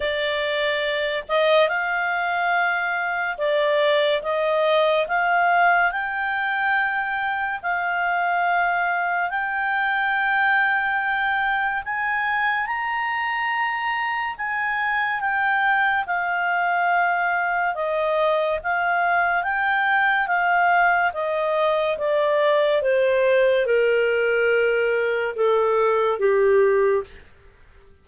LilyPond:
\new Staff \with { instrumentName = "clarinet" } { \time 4/4 \tempo 4 = 71 d''4. dis''8 f''2 | d''4 dis''4 f''4 g''4~ | g''4 f''2 g''4~ | g''2 gis''4 ais''4~ |
ais''4 gis''4 g''4 f''4~ | f''4 dis''4 f''4 g''4 | f''4 dis''4 d''4 c''4 | ais'2 a'4 g'4 | }